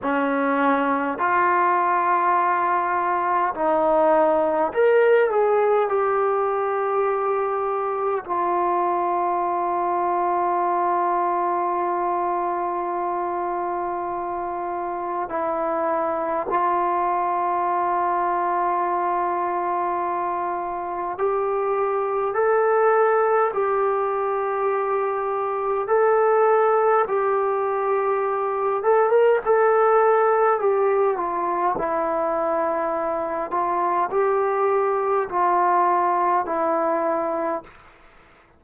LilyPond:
\new Staff \with { instrumentName = "trombone" } { \time 4/4 \tempo 4 = 51 cis'4 f'2 dis'4 | ais'8 gis'8 g'2 f'4~ | f'1~ | f'4 e'4 f'2~ |
f'2 g'4 a'4 | g'2 a'4 g'4~ | g'8 a'16 ais'16 a'4 g'8 f'8 e'4~ | e'8 f'8 g'4 f'4 e'4 | }